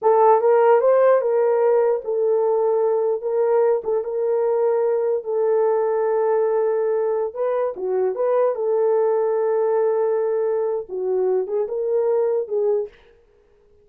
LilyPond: \new Staff \with { instrumentName = "horn" } { \time 4/4 \tempo 4 = 149 a'4 ais'4 c''4 ais'4~ | ais'4 a'2. | ais'4. a'8 ais'2~ | ais'4 a'2.~ |
a'2~ a'16 b'4 fis'8.~ | fis'16 b'4 a'2~ a'8.~ | a'2. fis'4~ | fis'8 gis'8 ais'2 gis'4 | }